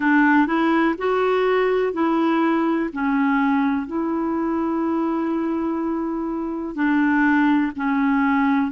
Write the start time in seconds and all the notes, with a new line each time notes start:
0.00 D4
0.46 E4
0.98 F#4
1.93 E4
2.93 C#4
3.87 E4
6.75 D4
7.76 C#4